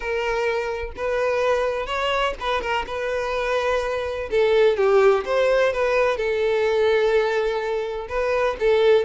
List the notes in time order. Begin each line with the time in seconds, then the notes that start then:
0.00 A#4
0.96 B4
1.86 C#5
2.39 B4
2.61 A#4
2.87 B4
4.30 A4
4.76 G4
5.25 C5
5.73 B4
6.17 A4
8.08 B4
8.59 A4